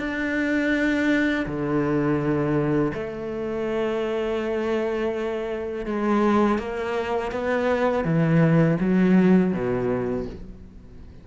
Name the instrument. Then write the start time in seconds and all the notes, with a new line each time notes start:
cello
0.00 D4
1.46 D3
2.95 A3
5.86 G#3
6.59 A#3
7.32 B3
8.05 E3
8.81 F#3
9.53 B2